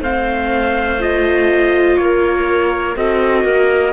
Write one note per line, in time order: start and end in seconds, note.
0.00 1.97 A3
0.00 1.00 C4
0.00 1.97 C5
0.00 1.02 F5
1.00 2.96 F4
1.00 1.97 D#5
1.97 2.96 A#3
1.97 2.97 A#4
1.97 2.96 C#5
2.96 3.44 C4
2.96 3.93 F#4
2.96 3.44 A4
2.96 3.93 D#5
3.44 3.93 A#3
3.44 3.93 A#4